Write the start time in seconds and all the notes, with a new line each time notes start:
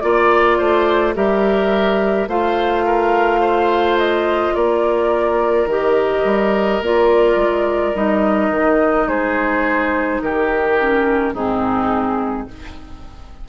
0.00 A#3 F4 D5
0.58 A3 C5
1.14 G3 G4 A#4 E5
2.27 A3 F4 C5 F5
2.85 A#4
3.40 C5
3.98 D#5
4.54 A#3 A#4 D5
5.66 D#3 G4 D#5
6.24 G3
6.81 A#3 F4 D5
7.36 G#3
7.94 G3 D#4 D#5
8.50 D#3
9.07 G#3 G#4 C5
10.21 D#3 G4 A#4
10.79 C#4
11.33 G#2 C4 D#4 G#4